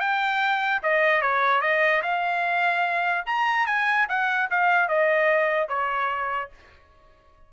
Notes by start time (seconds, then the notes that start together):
0.00 G5
0.83 D#5
1.22 C#5
1.61 D#5
2.02 F5
3.26 A#5
3.66 G#5
4.09 F#5
4.50 F5
4.88 D#5
5.68 C#5